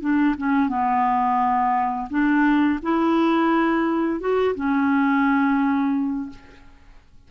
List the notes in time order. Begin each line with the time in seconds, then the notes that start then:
0.00 D4
0.37 C#4
0.68 B3
2.10 D4
2.82 E4
4.20 F#4
4.55 C#4